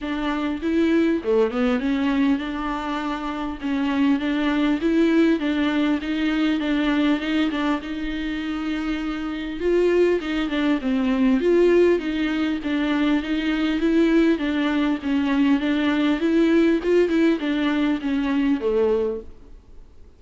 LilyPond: \new Staff \with { instrumentName = "viola" } { \time 4/4 \tempo 4 = 100 d'4 e'4 a8 b8 cis'4 | d'2 cis'4 d'4 | e'4 d'4 dis'4 d'4 | dis'8 d'8 dis'2. |
f'4 dis'8 d'8 c'4 f'4 | dis'4 d'4 dis'4 e'4 | d'4 cis'4 d'4 e'4 | f'8 e'8 d'4 cis'4 a4 | }